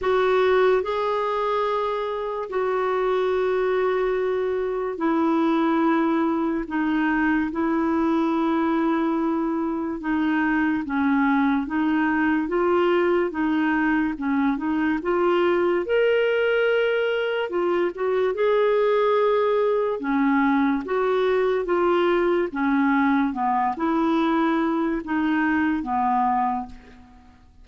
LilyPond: \new Staff \with { instrumentName = "clarinet" } { \time 4/4 \tempo 4 = 72 fis'4 gis'2 fis'4~ | fis'2 e'2 | dis'4 e'2. | dis'4 cis'4 dis'4 f'4 |
dis'4 cis'8 dis'8 f'4 ais'4~ | ais'4 f'8 fis'8 gis'2 | cis'4 fis'4 f'4 cis'4 | b8 e'4. dis'4 b4 | }